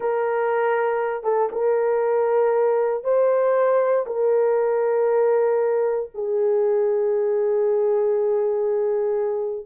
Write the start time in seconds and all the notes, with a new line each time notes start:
0.00 A#4
1.23 A4
1.52 A#4
3.03 C5
4.06 A#4
6.14 G#4